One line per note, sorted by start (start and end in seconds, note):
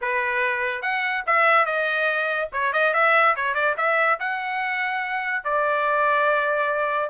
0.01 0.82 B4
0.82 1.23 F#5
1.26 1.65 E5
1.65 2.48 D#5
2.52 2.72 C#5
2.72 2.93 D#5
2.93 3.35 E5
3.35 3.54 C#5
3.54 3.75 D5
3.77 4.18 E5
4.19 5.44 F#5
5.44 7.09 D5